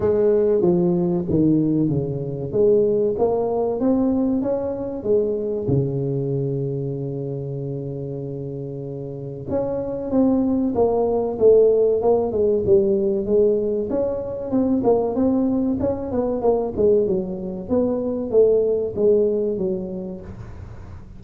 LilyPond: \new Staff \with { instrumentName = "tuba" } { \time 4/4 \tempo 4 = 95 gis4 f4 dis4 cis4 | gis4 ais4 c'4 cis'4 | gis4 cis2.~ | cis2. cis'4 |
c'4 ais4 a4 ais8 gis8 | g4 gis4 cis'4 c'8 ais8 | c'4 cis'8 b8 ais8 gis8 fis4 | b4 a4 gis4 fis4 | }